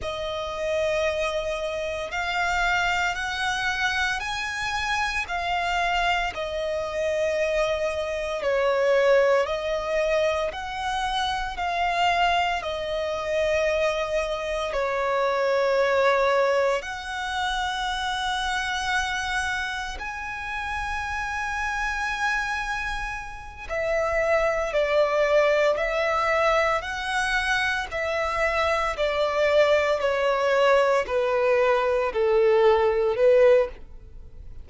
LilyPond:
\new Staff \with { instrumentName = "violin" } { \time 4/4 \tempo 4 = 57 dis''2 f''4 fis''4 | gis''4 f''4 dis''2 | cis''4 dis''4 fis''4 f''4 | dis''2 cis''2 |
fis''2. gis''4~ | gis''2~ gis''8 e''4 d''8~ | d''8 e''4 fis''4 e''4 d''8~ | d''8 cis''4 b'4 a'4 b'8 | }